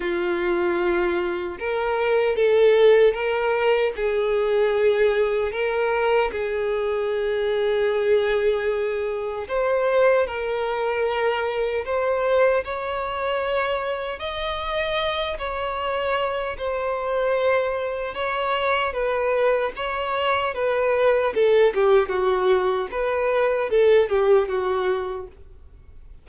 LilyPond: \new Staff \with { instrumentName = "violin" } { \time 4/4 \tempo 4 = 76 f'2 ais'4 a'4 | ais'4 gis'2 ais'4 | gis'1 | c''4 ais'2 c''4 |
cis''2 dis''4. cis''8~ | cis''4 c''2 cis''4 | b'4 cis''4 b'4 a'8 g'8 | fis'4 b'4 a'8 g'8 fis'4 | }